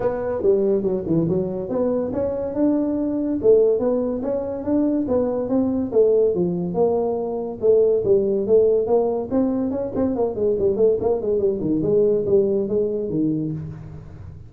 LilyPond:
\new Staff \with { instrumentName = "tuba" } { \time 4/4 \tempo 4 = 142 b4 g4 fis8 e8 fis4 | b4 cis'4 d'2 | a4 b4 cis'4 d'4 | b4 c'4 a4 f4 |
ais2 a4 g4 | a4 ais4 c'4 cis'8 c'8 | ais8 gis8 g8 a8 ais8 gis8 g8 dis8 | gis4 g4 gis4 dis4 | }